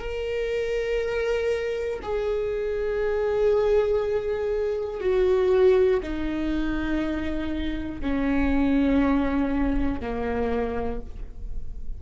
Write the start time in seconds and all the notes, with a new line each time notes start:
0.00 A#4
2.03 G#4
5.00 F#4
6.03 D#4
8.02 C#4
10.01 A#3